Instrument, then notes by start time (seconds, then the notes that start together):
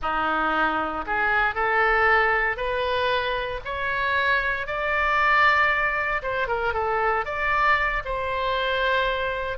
oboe
0.01 D#4
1.06 G#4
1.54 A4
2.57 B4
3.64 C#5
4.66 D5
6.22 C5
6.47 A#4
6.73 A4
7.25 D5
8.04 C5